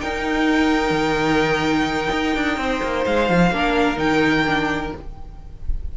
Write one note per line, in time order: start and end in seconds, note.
0.00 3.52 D#4
0.00 0.91 D#4
0.00 2.60 A#4
0.00 3.05 G5
0.91 2.08 D#3
2.12 2.36 D#4
2.36 2.58 D4
2.58 2.81 C4
2.58 3.54 C5
2.83 3.06 A#3
3.06 3.30 G#3
3.06 3.99 F5
3.30 3.51 F3
3.51 3.97 A#3
3.51 3.96 D4
3.57 4.97 A#4
3.96 4.92 D#3
3.96 4.43 D#4
3.96 4.92 G5
4.46 4.93 D4